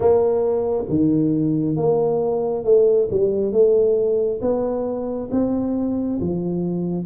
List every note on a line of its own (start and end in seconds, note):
0.00 0.84 A#3
0.88 1.76 D#3
1.76 2.64 A#3
2.64 3.08 A3
3.10 3.52 G3
3.52 4.40 A3
4.41 5.29 B3
5.31 6.19 C4
6.20 7.05 F3